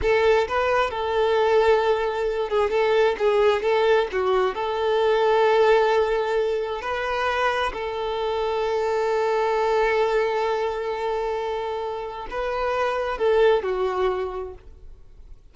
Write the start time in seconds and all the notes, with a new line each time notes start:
0.02 A4
0.48 B4
0.90 A4
2.49 G#4
2.70 A4
3.18 G#4
3.62 A4
4.12 F#4
4.55 A4
6.81 B4
7.73 A4
12.30 B4
13.18 A4
13.63 F#4